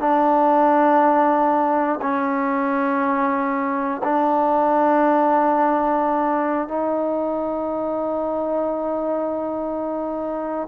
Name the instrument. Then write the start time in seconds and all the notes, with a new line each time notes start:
trombone
0.00 D4
2.02 C#4
4.04 D4
6.68 D#4